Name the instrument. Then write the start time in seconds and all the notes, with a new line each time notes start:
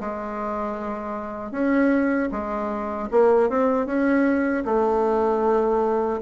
bassoon
0.00 G#3
1.51 C#4
2.31 G#3
3.11 A#3
3.49 C4
3.86 C#4
4.65 A3